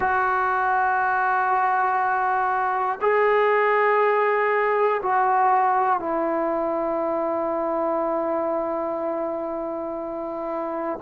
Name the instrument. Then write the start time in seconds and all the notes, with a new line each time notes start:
trombone
0.00 F#4
3.01 G#4
5.02 F#4
5.99 E4